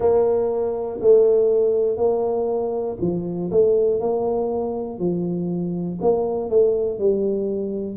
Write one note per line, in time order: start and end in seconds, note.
0.00 1.00 A#3
1.00 1.96 A3
1.96 2.96 A#3
3.00 3.50 F3
3.50 4.00 A3
4.00 4.99 A#3
4.99 5.99 F3
6.00 6.49 A#3
6.49 6.99 A3
6.99 7.96 G3